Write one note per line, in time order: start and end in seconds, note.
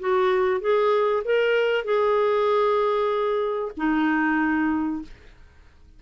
0.00 0.61 F#4
0.61 1.23 G#4
1.25 1.85 A#4
1.85 3.72 G#4
3.77 5.02 D#4